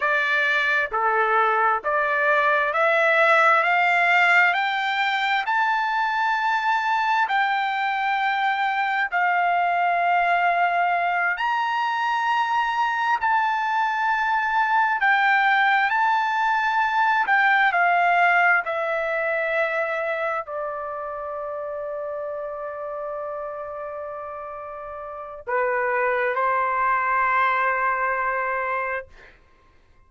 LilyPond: \new Staff \with { instrumentName = "trumpet" } { \time 4/4 \tempo 4 = 66 d''4 a'4 d''4 e''4 | f''4 g''4 a''2 | g''2 f''2~ | f''8 ais''2 a''4.~ |
a''8 g''4 a''4. g''8 f''8~ | f''8 e''2 d''4.~ | d''1 | b'4 c''2. | }